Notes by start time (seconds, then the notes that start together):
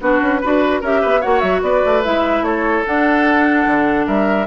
0.00 B3 D4 F#4 B4
0.22 C#4
0.41 D4 F#4 B4
0.81 C#4 G4 A#4 E5
1.02 B3 B4
1.20 A#3 F#4 C#5 F#5
1.40 F#3 E5
1.62 B3 B4 D5
1.86 A3
2.03 G#3 E4 E5
2.41 A3 A4 C#5
2.86 D4 F#5
3.66 D3
4.07 G3 A#4 E5